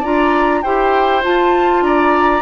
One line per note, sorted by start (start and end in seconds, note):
0.00 0.64 D4
0.00 0.63 F4
0.00 0.60 D5
0.00 0.62 A#5
0.62 1.24 E4
0.62 1.22 G4
0.62 1.84 C5
0.62 1.22 G5
1.22 2.42 F4
1.22 1.81 F4
1.22 1.84 A5
1.81 2.42 D4
1.81 2.42 D5
1.81 2.42 A#5